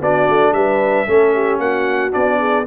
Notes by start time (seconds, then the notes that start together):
0.00 B3 D4 F#4 D5
0.29 A3
0.53 G3 B4 E5
1.07 A3 C#4 A4
1.34 G4
1.59 A#3 F#4 F#5
2.11 B3 D4 D5
2.39 G#4